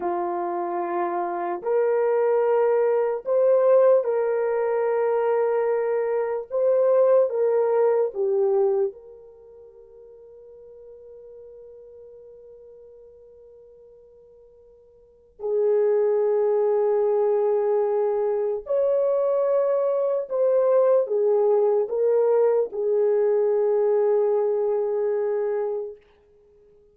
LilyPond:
\new Staff \with { instrumentName = "horn" } { \time 4/4 \tempo 4 = 74 f'2 ais'2 | c''4 ais'2. | c''4 ais'4 g'4 ais'4~ | ais'1~ |
ais'2. gis'4~ | gis'2. cis''4~ | cis''4 c''4 gis'4 ais'4 | gis'1 | }